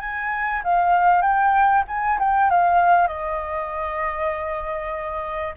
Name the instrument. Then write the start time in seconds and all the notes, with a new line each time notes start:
flute
0.00 G#5
0.64 F5
1.22 G5
1.88 G#5
2.19 G5
2.50 F5
3.07 D#5